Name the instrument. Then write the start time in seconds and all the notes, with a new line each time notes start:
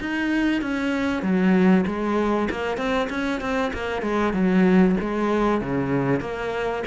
cello
0.00 D#4
0.62 C#4
1.22 F#3
1.87 G#3
2.50 A#3
2.77 C4
3.10 C#4
3.41 C4
3.73 A#3
4.02 G#3
4.33 F#3
5.00 G#3
5.61 C#3
6.21 A#3